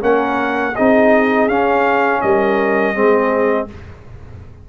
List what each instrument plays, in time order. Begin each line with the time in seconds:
0.00 tuba A#3, trombone C#4, horn A#4, trumpet F#5
0.74 tuba C4, trombone D#4, horn G#4, trumpet D#5
1.48 tuba C#4, trombone C#4, trumpet F5
2.21 tuba G3, horn A#4, trumpet D#5
2.95 tuba G#3, trombone C4, horn G#4